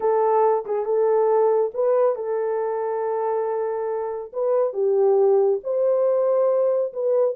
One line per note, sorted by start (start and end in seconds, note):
0.00 0.65 A4
0.65 0.85 G#4
0.85 1.71 A4
1.73 2.15 B4
2.15 4.31 A4
4.32 4.73 B4
4.73 5.59 G4
5.63 6.93 C5
6.93 7.35 B4